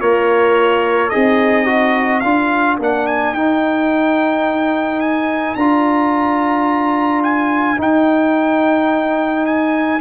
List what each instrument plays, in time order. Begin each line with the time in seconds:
0.00 tuba A#3, horn F4, trombone A#4, trumpet C#5
1.10 tuba C4, horn D#4, trombone G#4, trumpet D#5
1.66 trombone F#4
2.21 tuba D4, trombone F4, horn A#4, trumpet F5
2.80 tuba A#3, trombone D4, trumpet F#5
3.07 trumpet G#5
3.33 tuba D#4, trombone D#4, trumpet G5
5.00 trumpet G#5
5.56 tuba D4, trombone F4, trumpet A#5
7.24 trumpet G#5
7.78 trombone D#4, tuba D#4, trumpet G5
9.46 trumpet G#5